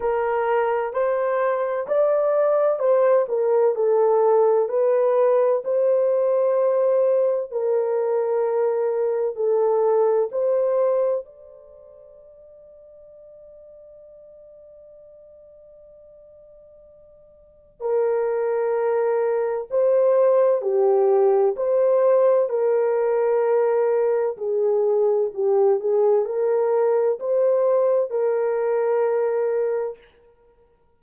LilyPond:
\new Staff \with { instrumentName = "horn" } { \time 4/4 \tempo 4 = 64 ais'4 c''4 d''4 c''8 ais'8 | a'4 b'4 c''2 | ais'2 a'4 c''4 | d''1~ |
d''2. ais'4~ | ais'4 c''4 g'4 c''4 | ais'2 gis'4 g'8 gis'8 | ais'4 c''4 ais'2 | }